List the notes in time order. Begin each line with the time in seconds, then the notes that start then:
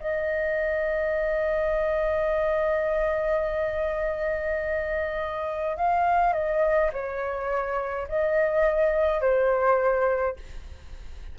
0.00 D#5
5.77 F5
6.33 D#5
6.93 C#5
8.09 D#5
9.21 C5